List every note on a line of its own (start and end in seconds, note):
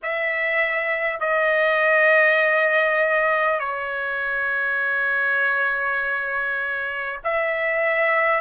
0.03 1.20 E5
1.20 3.59 D#5
3.59 7.19 C#5
7.23 8.41 E5